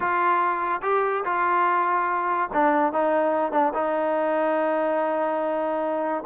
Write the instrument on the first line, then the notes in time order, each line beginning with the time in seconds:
trombone
0.00 F4
0.82 G4
1.24 F4
2.53 D4
2.93 D#4
3.52 D4
3.73 D#4